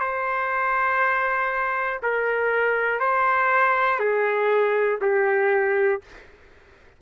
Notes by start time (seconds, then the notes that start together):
0.00 C5
2.02 A#4
3.00 C5
3.99 G#4
5.01 G4